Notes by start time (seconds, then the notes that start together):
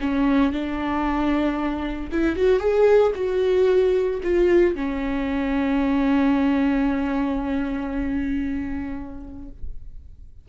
0.00 C#4
0.52 D4
2.11 E4
2.36 F#4
2.59 G#4
3.15 F#4
4.23 F4
4.75 C#4